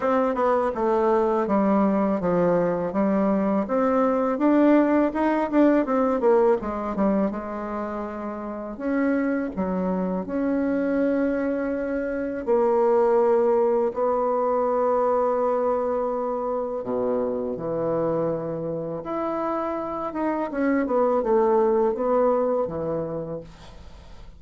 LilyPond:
\new Staff \with { instrumentName = "bassoon" } { \time 4/4 \tempo 4 = 82 c'8 b8 a4 g4 f4 | g4 c'4 d'4 dis'8 d'8 | c'8 ais8 gis8 g8 gis2 | cis'4 fis4 cis'2~ |
cis'4 ais2 b4~ | b2. b,4 | e2 e'4. dis'8 | cis'8 b8 a4 b4 e4 | }